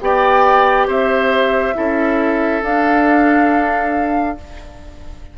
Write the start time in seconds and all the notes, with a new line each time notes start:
0.00 B3 G4 D5 G5
0.87 C4 C5 E5
1.74 C#4 E4 A4
2.62 D4 F5